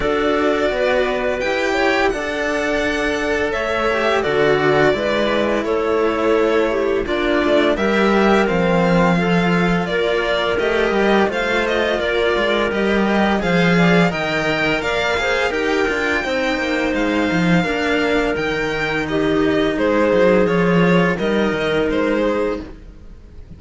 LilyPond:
<<
  \new Staff \with { instrumentName = "violin" } { \time 4/4 \tempo 4 = 85 d''2 g''4 fis''4~ | fis''4 e''4 d''2 | cis''2 d''4 e''4 | f''2 d''4 dis''4 |
f''8 dis''8 d''4 dis''4 f''4 | g''4 f''4 g''2 | f''2 g''4 dis''4 | c''4 cis''4 dis''4 c''4 | }
  \new Staff \with { instrumentName = "clarinet" } { \time 4/4 a'4 b'4. cis''8 d''4~ | d''4 cis''4 a'4 b'4 | a'4. g'8 f'4 ais'4~ | ais'4 a'4 ais'2 |
c''4 ais'2 c''8 d''8 | dis''4 d''8 c''8 ais'4 c''4~ | c''4 ais'2 g'4 | gis'2 ais'4. gis'8 | }
  \new Staff \with { instrumentName = "cello" } { \time 4/4 fis'2 g'4 a'4~ | a'4. g'8 fis'4 e'4~ | e'2 d'4 g'4 | c'4 f'2 g'4 |
f'2 g'4 gis'4 | ais'4. gis'8 g'8 f'8 dis'4~ | dis'4 d'4 dis'2~ | dis'4 f'4 dis'2 | }
  \new Staff \with { instrumentName = "cello" } { \time 4/4 d'4 b4 e'4 d'4~ | d'4 a4 d4 gis4 | a2 ais8 a8 g4 | f2 ais4 a8 g8 |
a4 ais8 gis8 g4 f4 | dis4 ais4 dis'8 d'8 c'8 ais8 | gis8 f8 ais4 dis2 | gis8 fis8 f4 g8 dis8 gis4 | }
>>